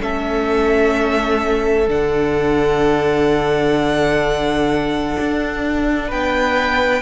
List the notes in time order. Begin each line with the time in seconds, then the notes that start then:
0.00 A3 C#4 A4 E5
1.88 D3 D4 F#5
5.20 D4
6.08 B3 B4 G5